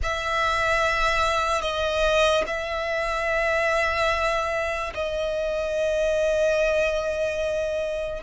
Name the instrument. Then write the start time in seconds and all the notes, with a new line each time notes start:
violin
0.02 E5
1.61 D#5
2.46 E5
4.94 D#5